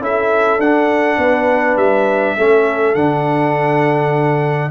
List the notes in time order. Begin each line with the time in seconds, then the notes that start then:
0.00 C#4 E4 A4 E5
0.58 D4 F#5
1.18 B3 B4
1.76 G3 E5
2.37 A3 C#4 A4
2.95 D3 D4 F#5